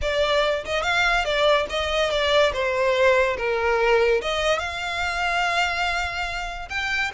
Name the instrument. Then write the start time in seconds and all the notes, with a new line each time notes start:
violin
0.01 D5
0.64 D#5
0.82 F5
1.24 D5
1.69 D#5
2.10 D5
2.53 C5
3.37 A#4
4.21 D#5
4.58 F5
6.69 G5